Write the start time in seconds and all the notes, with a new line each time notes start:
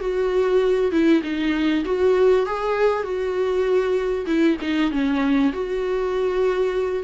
0.00 F#4
0.92 E4
1.23 D#4
1.85 F#4
2.46 G#4
3.03 F#4
4.26 E4
4.61 D#4
4.91 C#4
5.53 F#4